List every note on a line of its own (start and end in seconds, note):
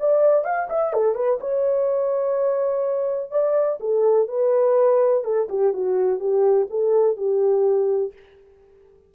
0.00 0.45 D5
0.45 0.69 F5
0.70 0.94 E5
0.94 1.15 A4
1.15 1.39 B4
1.41 3.32 C#5
3.32 3.80 D5
3.81 4.29 A4
4.29 5.25 B4
5.25 5.49 A4
5.50 5.74 G4
5.74 6.20 F#4
6.20 6.68 G4
6.70 7.17 A4
7.17 8.13 G4